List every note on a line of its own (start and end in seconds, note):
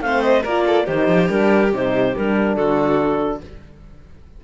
0.00 0.43 A3
0.00 0.45 C4
0.00 0.42 C5
0.00 0.21 F5
0.21 0.42 D#5
0.42 0.87 A#3
0.42 0.86 F4
0.42 0.64 A#4
0.42 0.86 D5
0.66 0.85 A4
0.85 1.07 D#3
0.85 1.28 D#4
0.85 2.55 G4
0.85 1.29 C5
1.07 1.28 F3
1.28 1.72 G3
1.28 1.70 D4
1.28 1.72 A#4
1.72 2.14 C3
1.72 2.15 D#4
1.72 2.16 C5
2.16 2.56 G3
2.16 3.44 D4
2.16 2.55 A#4
2.55 3.41 D3
2.55 3.40 F#4
2.55 3.40 A4